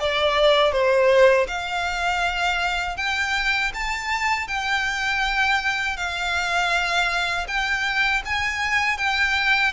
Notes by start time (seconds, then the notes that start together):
0.00 D5
0.72 C5
1.48 F5
2.97 G5
3.74 A5
4.48 G5
5.97 F5
7.48 G5
8.26 G#5
8.98 G5